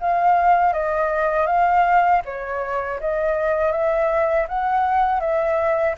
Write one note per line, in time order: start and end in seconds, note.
0.00 0.73 F5
0.73 1.47 D#5
1.47 2.22 F5
2.25 3.00 C#5
3.00 3.72 D#5
3.72 4.47 E5
4.48 5.20 F#5
5.20 5.95 E5